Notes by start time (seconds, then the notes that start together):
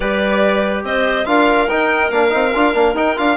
0.00 G3 G4 B4 D5
0.83 C4 C5 D#5
1.25 D4 F4 A#4 F5
1.68 D#4 G5
2.10 A#3 D4 F5
2.30 C4 D#4
2.54 D4 F4
2.73 A#3 D4
2.94 D#4 G5
3.16 D4 F4 F5